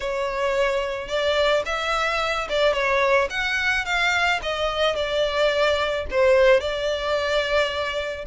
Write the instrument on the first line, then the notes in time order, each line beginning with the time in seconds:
violin
0.00 C#5
1.08 D5
1.65 E5
2.49 D5
2.73 C#5
3.30 F#5
3.85 F5
4.42 D#5
4.95 D5
6.11 C5
6.60 D5